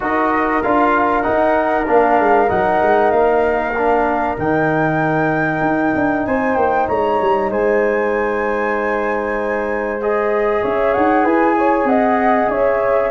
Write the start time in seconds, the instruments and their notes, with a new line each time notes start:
0.00 tuba D#4, trombone F#4, horn A#4, flute D#5
0.62 tuba D4, trombone F4, flute F5
1.22 trombone D#4, flute F#5
1.28 tuba D#4
1.87 tuba A#3, trombone D4, flute F5
2.19 tuba G#3
2.48 tuba F#3, trombone D#4, flute F#5
2.82 tuba G#3
3.11 tuba A#3, flute F5
3.77 trombone D4
4.38 tuba D#3, trombone D#4, flute G5
5.61 tuba D#4
5.95 tuba D4
6.26 tuba C4, horn C5, flute G#5
6.55 tuba A#3, flute G5
6.88 tuba G#3, horn C#5, flute A#5
7.21 tuba G3
7.50 tuba G#3, horn C5, flute G#5
10.01 trombone G#4, flute D#5
10.61 tuba C#4, horn C#5, flute E5
10.93 tuba D#4, flute F#5
11.24 tuba E4, horn B4, flute G#5
11.58 horn C#5
11.84 tuba C4, horn D#5, flute F#5
12.48 tuba C#4, horn C#5, flute E5